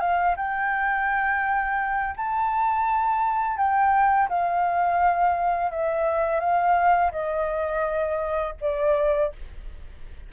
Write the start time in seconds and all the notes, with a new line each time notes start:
0.00 F5
0.37 G5
2.17 A5
3.57 G5
4.29 F5
5.72 E5
6.40 F5
7.12 D#5
8.61 D5